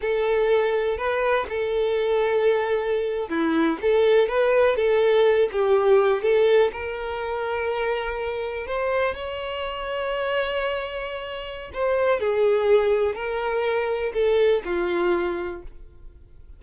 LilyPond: \new Staff \with { instrumentName = "violin" } { \time 4/4 \tempo 4 = 123 a'2 b'4 a'4~ | a'2~ a'8. e'4 a'16~ | a'8. b'4 a'4. g'8.~ | g'8. a'4 ais'2~ ais'16~ |
ais'4.~ ais'16 c''4 cis''4~ cis''16~ | cis''1 | c''4 gis'2 ais'4~ | ais'4 a'4 f'2 | }